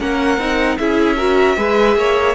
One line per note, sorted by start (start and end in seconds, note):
0.00 0.38 A#3
0.00 0.39 C#4
0.00 0.79 A#4
0.00 0.78 F#5
0.38 0.77 C4
0.38 0.79 D#4
0.78 1.57 C#4
0.78 1.18 E4
0.78 1.18 G#4
0.78 2.36 E5
1.18 1.57 F#4
1.18 1.57 A#4
1.57 1.97 G#3
1.57 2.36 G#4
1.57 1.98 B4
1.97 2.36 A#3
1.97 2.36 C#5